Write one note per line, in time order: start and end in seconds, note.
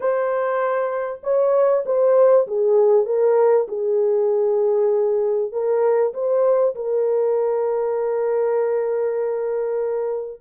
0.00 1.20 C5
1.23 1.84 C#5
1.85 2.46 C5
2.47 3.05 G#4
3.05 3.67 A#4
3.68 5.51 G#4
5.52 6.13 A#4
6.13 6.74 C5
6.75 10.41 A#4